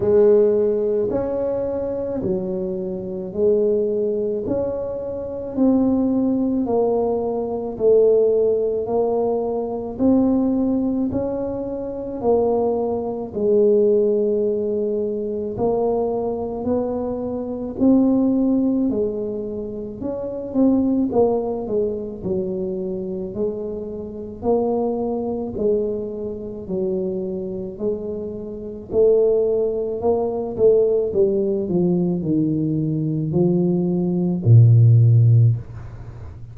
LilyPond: \new Staff \with { instrumentName = "tuba" } { \time 4/4 \tempo 4 = 54 gis4 cis'4 fis4 gis4 | cis'4 c'4 ais4 a4 | ais4 c'4 cis'4 ais4 | gis2 ais4 b4 |
c'4 gis4 cis'8 c'8 ais8 gis8 | fis4 gis4 ais4 gis4 | fis4 gis4 a4 ais8 a8 | g8 f8 dis4 f4 ais,4 | }